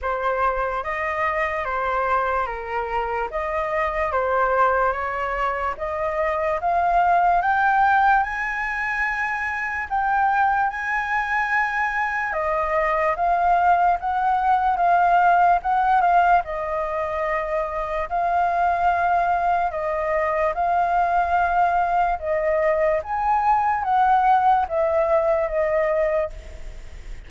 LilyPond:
\new Staff \with { instrumentName = "flute" } { \time 4/4 \tempo 4 = 73 c''4 dis''4 c''4 ais'4 | dis''4 c''4 cis''4 dis''4 | f''4 g''4 gis''2 | g''4 gis''2 dis''4 |
f''4 fis''4 f''4 fis''8 f''8 | dis''2 f''2 | dis''4 f''2 dis''4 | gis''4 fis''4 e''4 dis''4 | }